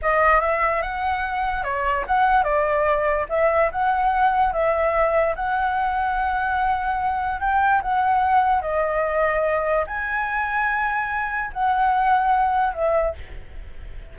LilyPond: \new Staff \with { instrumentName = "flute" } { \time 4/4 \tempo 4 = 146 dis''4 e''4 fis''2 | cis''4 fis''4 d''2 | e''4 fis''2 e''4~ | e''4 fis''2.~ |
fis''2 g''4 fis''4~ | fis''4 dis''2. | gis''1 | fis''2. e''4 | }